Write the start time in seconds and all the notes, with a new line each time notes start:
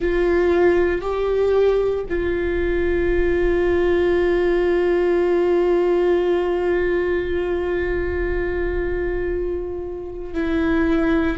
0.00 F4
1.01 G4
2.09 F4
10.34 E4